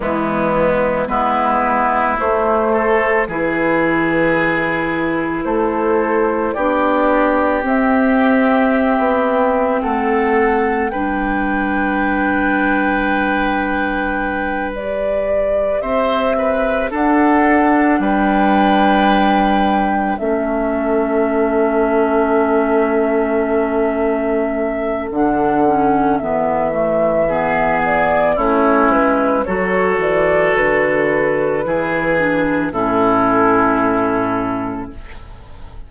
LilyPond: <<
  \new Staff \with { instrumentName = "flute" } { \time 4/4 \tempo 4 = 55 e'4 b'4 c''4 b'4~ | b'4 c''4 d''4 e''4~ | e''4 fis''4 g''2~ | g''4. d''4 e''4 fis''8~ |
fis''8 g''2 e''4.~ | e''2. fis''4 | e''4. d''8 cis''8 b'8 cis''8 d''8 | b'2 a'2 | }
  \new Staff \with { instrumentName = "oboe" } { \time 4/4 b4 e'4. a'8 gis'4~ | gis'4 a'4 g'2~ | g'4 a'4 b'2~ | b'2~ b'8 c''8 b'8 a'8~ |
a'8 b'2 a'4.~ | a'1~ | a'4 gis'4 e'4 a'4~ | a'4 gis'4 e'2 | }
  \new Staff \with { instrumentName = "clarinet" } { \time 4/4 gis4 b4 a4 e'4~ | e'2 d'4 c'4~ | c'2 d'2~ | d'4. g'2 d'8~ |
d'2~ d'8 cis'4.~ | cis'2. d'8 cis'8 | b8 a8 b4 cis'4 fis'4~ | fis'4 e'8 d'8 cis'2 | }
  \new Staff \with { instrumentName = "bassoon" } { \time 4/4 e4 gis4 a4 e4~ | e4 a4 b4 c'4~ | c'16 b8. a4 g2~ | g2~ g8 c'4 d'8~ |
d'8 g2 a4.~ | a2. d4 | e2 a8 gis8 fis8 e8 | d4 e4 a,2 | }
>>